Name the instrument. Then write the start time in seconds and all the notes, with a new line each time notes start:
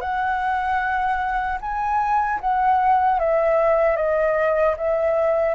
flute
0.00 F#5
1.60 G#5
2.40 F#5
3.19 E5
3.96 D#5
4.77 E5